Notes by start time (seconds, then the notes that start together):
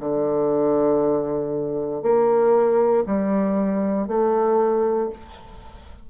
0.00 D3
2.03 A#3
3.06 G3
4.08 A3